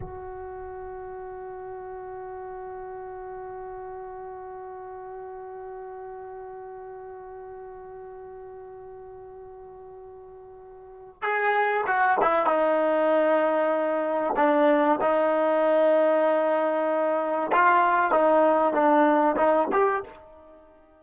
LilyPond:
\new Staff \with { instrumentName = "trombone" } { \time 4/4 \tempo 4 = 96 fis'1~ | fis'1~ | fis'1~ | fis'1~ |
fis'2 gis'4 fis'8 e'8 | dis'2. d'4 | dis'1 | f'4 dis'4 d'4 dis'8 g'8 | }